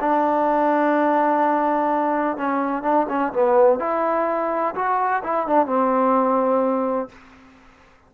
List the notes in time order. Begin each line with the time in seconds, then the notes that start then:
0.00 D4
2.37 C#4
2.83 D4
3.09 C#4
3.33 B3
3.79 E4
4.75 F#4
5.24 E4
5.47 D4
5.66 C4